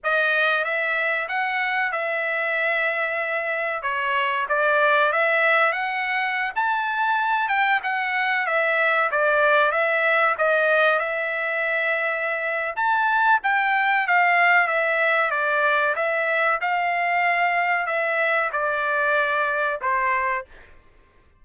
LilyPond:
\new Staff \with { instrumentName = "trumpet" } { \time 4/4 \tempo 4 = 94 dis''4 e''4 fis''4 e''4~ | e''2 cis''4 d''4 | e''4 fis''4~ fis''16 a''4. g''16~ | g''16 fis''4 e''4 d''4 e''8.~ |
e''16 dis''4 e''2~ e''8. | a''4 g''4 f''4 e''4 | d''4 e''4 f''2 | e''4 d''2 c''4 | }